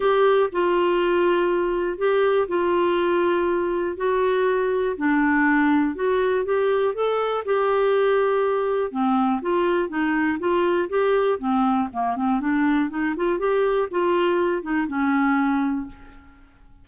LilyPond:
\new Staff \with { instrumentName = "clarinet" } { \time 4/4 \tempo 4 = 121 g'4 f'2. | g'4 f'2. | fis'2 d'2 | fis'4 g'4 a'4 g'4~ |
g'2 c'4 f'4 | dis'4 f'4 g'4 c'4 | ais8 c'8 d'4 dis'8 f'8 g'4 | f'4. dis'8 cis'2 | }